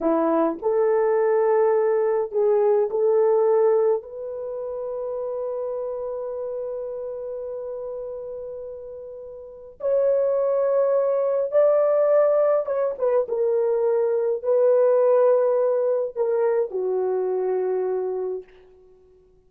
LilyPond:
\new Staff \with { instrumentName = "horn" } { \time 4/4 \tempo 4 = 104 e'4 a'2. | gis'4 a'2 b'4~ | b'1~ | b'1~ |
b'4 cis''2. | d''2 cis''8 b'8 ais'4~ | ais'4 b'2. | ais'4 fis'2. | }